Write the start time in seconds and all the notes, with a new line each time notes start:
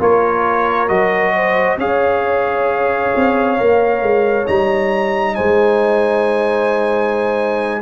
0.00 A#3 F4 A#4 C#5
0.88 F#3 F#4 D#5
1.35 C5
1.77 C#4 G#4 C#5 F5
3.16 C4
3.57 A#3 A#4
4.02 G#3
4.46 G3 D#4 A#5
5.35 G#3 C5 G#5